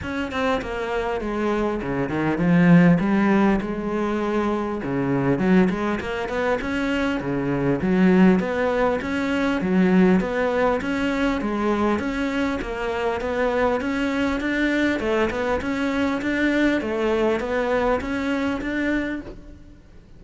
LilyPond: \new Staff \with { instrumentName = "cello" } { \time 4/4 \tempo 4 = 100 cis'8 c'8 ais4 gis4 cis8 dis8 | f4 g4 gis2 | cis4 fis8 gis8 ais8 b8 cis'4 | cis4 fis4 b4 cis'4 |
fis4 b4 cis'4 gis4 | cis'4 ais4 b4 cis'4 | d'4 a8 b8 cis'4 d'4 | a4 b4 cis'4 d'4 | }